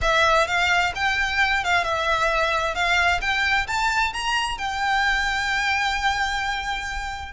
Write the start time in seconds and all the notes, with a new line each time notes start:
0.01 E5
0.47 F5
0.95 G5
1.64 F5
1.84 E5
2.74 F5
3.21 G5
3.67 A5
4.13 A#5
4.57 G5